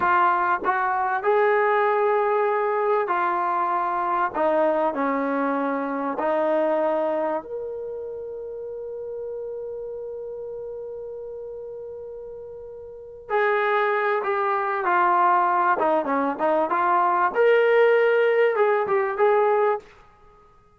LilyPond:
\new Staff \with { instrumentName = "trombone" } { \time 4/4 \tempo 4 = 97 f'4 fis'4 gis'2~ | gis'4 f'2 dis'4 | cis'2 dis'2 | ais'1~ |
ais'1~ | ais'4. gis'4. g'4 | f'4. dis'8 cis'8 dis'8 f'4 | ais'2 gis'8 g'8 gis'4 | }